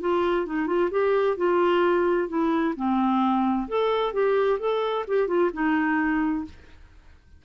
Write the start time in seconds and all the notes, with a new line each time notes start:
0.00 F4
0.46 D#4
0.67 F4
0.91 G4
1.37 F4
2.28 E4
2.76 C4
3.68 A4
4.13 G4
4.59 A4
5.08 G4
5.27 F4
5.53 D#4